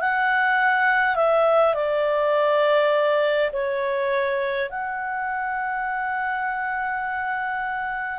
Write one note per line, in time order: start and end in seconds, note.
0.00 1.15 F#5
1.15 1.74 E5
1.74 3.50 D5
3.52 4.70 C#5
4.70 8.19 F#5